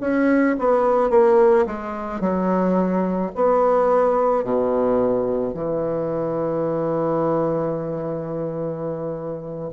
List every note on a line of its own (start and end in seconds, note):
0.00 0.56 C#4
0.59 1.10 B3
1.10 1.66 A#3
1.66 2.20 G#3
2.20 3.31 F#3
3.35 4.44 B3
4.44 5.54 B2
5.54 9.70 E3